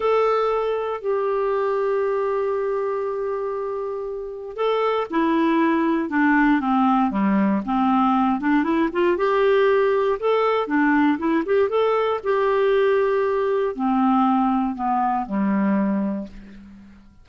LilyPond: \new Staff \with { instrumentName = "clarinet" } { \time 4/4 \tempo 4 = 118 a'2 g'2~ | g'1~ | g'4 a'4 e'2 | d'4 c'4 g4 c'4~ |
c'8 d'8 e'8 f'8 g'2 | a'4 d'4 e'8 g'8 a'4 | g'2. c'4~ | c'4 b4 g2 | }